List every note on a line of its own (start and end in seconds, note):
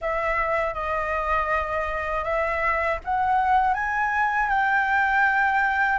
0.01 0.74 E5
0.74 2.24 D#5
2.24 2.99 E5
3.04 3.74 F#5
3.74 4.49 G#5
4.49 5.98 G5